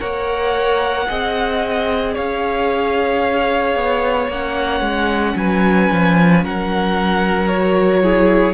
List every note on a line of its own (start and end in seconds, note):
0.00 1.08 A#3
0.00 1.07 A#4
0.00 1.07 C#5
0.00 2.15 F#5
1.08 2.17 C4
1.08 4.29 G#4
1.08 2.14 D#5
2.14 3.75 C#4
2.14 5.35 C#5
2.14 4.31 F5
3.75 4.28 B3
4.28 4.81 A#3
4.28 7.50 C#4
4.28 5.37 F#5
4.81 5.34 G#3
5.35 5.89 F#3
5.35 6.44 B4
5.35 6.44 G#5
5.91 6.45 F3
6.44 8.54 F#3
6.44 8.03 A#4
6.44 7.48 F#5
7.48 8.03 F#4
7.48 8.54 C#5
8.03 8.54 E4
8.03 8.54 G#4